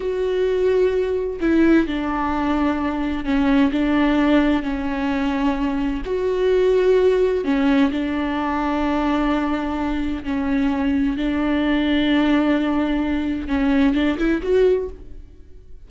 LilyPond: \new Staff \with { instrumentName = "viola" } { \time 4/4 \tempo 4 = 129 fis'2. e'4 | d'2. cis'4 | d'2 cis'2~ | cis'4 fis'2. |
cis'4 d'2.~ | d'2 cis'2 | d'1~ | d'4 cis'4 d'8 e'8 fis'4 | }